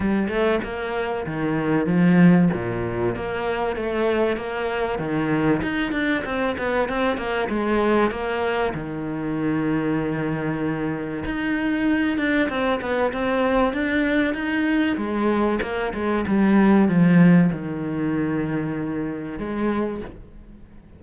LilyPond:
\new Staff \with { instrumentName = "cello" } { \time 4/4 \tempo 4 = 96 g8 a8 ais4 dis4 f4 | ais,4 ais4 a4 ais4 | dis4 dis'8 d'8 c'8 b8 c'8 ais8 | gis4 ais4 dis2~ |
dis2 dis'4. d'8 | c'8 b8 c'4 d'4 dis'4 | gis4 ais8 gis8 g4 f4 | dis2. gis4 | }